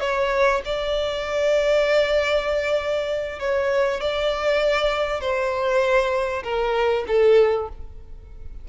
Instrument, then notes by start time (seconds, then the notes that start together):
violin
0.00 C#5
0.65 D5
3.39 C#5
4.00 D5
5.20 C5
6.43 A#4
7.07 A4